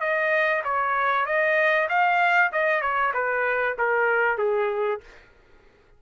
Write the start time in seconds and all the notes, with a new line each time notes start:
0.00 D#5
0.64 C#5
1.26 D#5
1.89 F5
2.52 D#5
2.81 C#5
3.14 B4
3.78 A#4
4.38 G#4